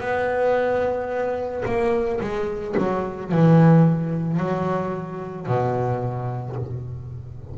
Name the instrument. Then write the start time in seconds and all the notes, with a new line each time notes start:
double bass
0.00 B3
1.65 A#3
2.20 G#3
2.77 F#3
3.32 E3
4.37 F#3
5.46 B2